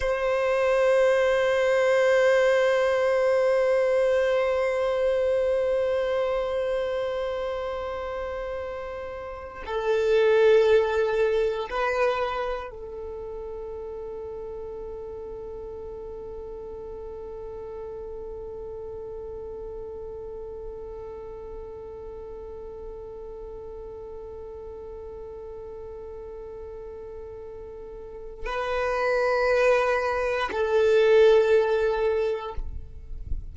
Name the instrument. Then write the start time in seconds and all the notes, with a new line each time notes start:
violin
0.00 C5
9.65 A4
11.69 B4
12.70 A4
28.46 B4
30.51 A4